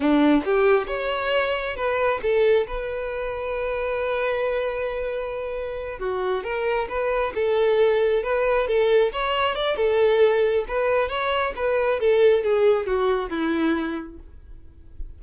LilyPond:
\new Staff \with { instrumentName = "violin" } { \time 4/4 \tempo 4 = 135 d'4 g'4 cis''2 | b'4 a'4 b'2~ | b'1~ | b'4. fis'4 ais'4 b'8~ |
b'8 a'2 b'4 a'8~ | a'8 cis''4 d''8 a'2 | b'4 cis''4 b'4 a'4 | gis'4 fis'4 e'2 | }